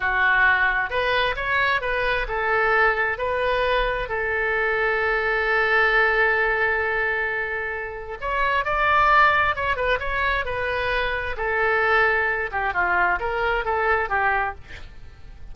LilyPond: \new Staff \with { instrumentName = "oboe" } { \time 4/4 \tempo 4 = 132 fis'2 b'4 cis''4 | b'4 a'2 b'4~ | b'4 a'2.~ | a'1~ |
a'2 cis''4 d''4~ | d''4 cis''8 b'8 cis''4 b'4~ | b'4 a'2~ a'8 g'8 | f'4 ais'4 a'4 g'4 | }